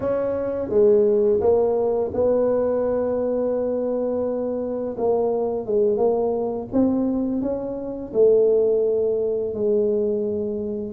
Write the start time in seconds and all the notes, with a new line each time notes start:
0.00 C#4
0.69 G#3
1.40 A#3
2.13 B3
4.97 A#3
5.66 G#3
5.97 A#3
6.72 C4
7.41 C#4
8.13 A3
9.54 G#3